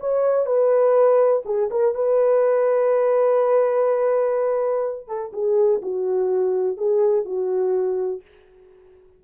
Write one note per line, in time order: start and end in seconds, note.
0.00 0.46 C#5
0.46 1.43 B4
1.45 1.69 G#4
1.70 1.94 A#4
1.95 5.07 B4
5.07 5.32 A4
5.32 5.81 G#4
5.82 6.77 F#4
6.77 7.25 G#4
7.25 8.21 F#4